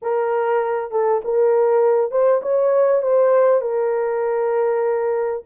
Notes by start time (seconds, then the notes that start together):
0.02 A#4
0.91 A4
1.24 A#4
2.10 C5
2.42 C#5
3.02 C5
3.61 A#4